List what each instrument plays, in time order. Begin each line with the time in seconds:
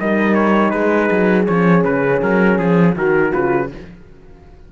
0.00 cello G3, horn D#4 A#4, trumpet D#5
0.35 trumpet C#5
0.71 cello G#3, horn G#4, trumpet B4
1.11 cello F#3
1.47 cello F3, horn C#4, trumpet C#5
1.85 cello C#3, trumpet B4
2.22 cello F#3, trumpet A#4
2.58 cello F3, trumpet G#4
2.96 cello D#3, horn F#4, trumpet A#4
3.31 cello C#3, horn F4, trumpet B4